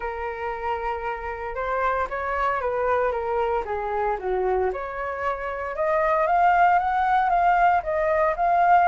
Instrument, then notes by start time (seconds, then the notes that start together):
flute
0.00 A#4
1.55 C5
2.09 C#5
2.60 B4
3.11 A#4
3.65 G#4
4.19 F#4
4.72 C#5
5.75 D#5
6.26 F5
6.78 F#5
7.29 F5
7.83 D#5
8.36 F5